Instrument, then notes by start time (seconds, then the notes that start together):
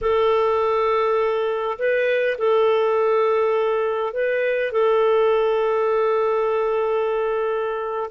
clarinet
0.01 A4
1.78 B4
2.38 A4
4.13 B4
4.72 A4